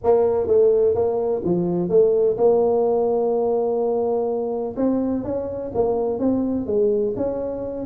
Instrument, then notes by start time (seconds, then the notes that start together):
tuba
0.03 A#3
0.47 A3
0.94 A#3
1.44 F3
1.89 A3
2.37 A#3
4.76 C4
5.24 C#4
5.74 A#3
6.19 C4
6.66 G#3
7.16 C#4